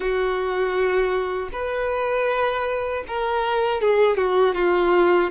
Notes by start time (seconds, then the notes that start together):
0.00 F#4
1.52 B4
3.07 A#4
3.81 G#4
4.17 F#4
4.54 F4